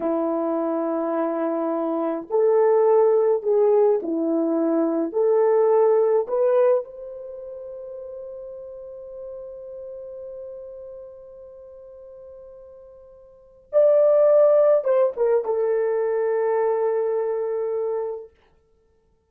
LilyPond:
\new Staff \with { instrumentName = "horn" } { \time 4/4 \tempo 4 = 105 e'1 | a'2 gis'4 e'4~ | e'4 a'2 b'4 | c''1~ |
c''1~ | c''1 | d''2 c''8 ais'8 a'4~ | a'1 | }